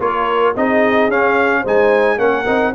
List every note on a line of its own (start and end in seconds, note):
0.00 0.55 A#3
0.00 0.55 F4
0.00 0.56 A#4
0.00 0.56 C#5
0.56 1.08 C4
0.56 1.11 D#4
0.56 1.61 G#4
0.56 1.11 D#5
1.08 1.63 C#4
1.08 1.65 C#4
1.08 1.66 F5
1.61 2.18 G#3
1.61 2.18 D#4
1.61 2.16 C5
1.67 2.19 G#5
2.18 2.46 A#3
2.18 2.45 C#4
2.18 2.74 A#4
2.18 2.74 F#5
2.46 2.74 C4
2.46 2.74 D#4